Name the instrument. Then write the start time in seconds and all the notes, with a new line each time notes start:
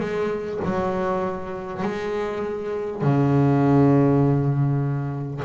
double bass
0.00 G#3
0.64 F#3
1.82 G#3
3.01 C#3